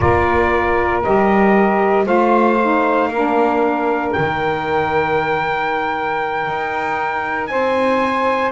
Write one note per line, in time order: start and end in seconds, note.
0.00 1.05 A#3
0.00 1.02 F4
0.00 2.05 A#4
0.00 1.03 D5
1.03 2.06 G3
1.03 2.05 G4
1.03 2.07 D#5
2.05 3.08 A3
2.05 2.57 F4
2.05 3.09 C5
2.05 4.12 F5
2.61 3.12 D#4
3.08 4.11 A#3
3.08 7.50 A#4
3.14 4.16 D4
4.12 6.47 D#3
4.12 8.51 D#4
4.12 7.47 G5
6.47 7.49 D#4
7.47 8.51 C4
7.47 8.51 C5
7.47 8.50 G#5